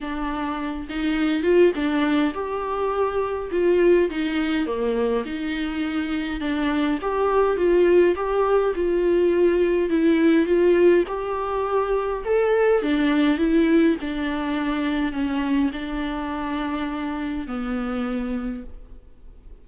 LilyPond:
\new Staff \with { instrumentName = "viola" } { \time 4/4 \tempo 4 = 103 d'4. dis'4 f'8 d'4 | g'2 f'4 dis'4 | ais4 dis'2 d'4 | g'4 f'4 g'4 f'4~ |
f'4 e'4 f'4 g'4~ | g'4 a'4 d'4 e'4 | d'2 cis'4 d'4~ | d'2 b2 | }